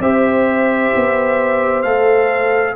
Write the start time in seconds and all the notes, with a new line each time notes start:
0.00 C4 G4 C5 E5
0.96 B3
1.83 A3 A4 F5